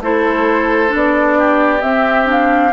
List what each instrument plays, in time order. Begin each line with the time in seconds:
0.00 bassoon A3, clarinet E4, oboe A4, flute C5
0.88 clarinet D4
0.94 bassoon B3, flute D5
1.38 oboe G4
1.82 clarinet C4, bassoon C4, flute E5
2.25 clarinet D4, flute F5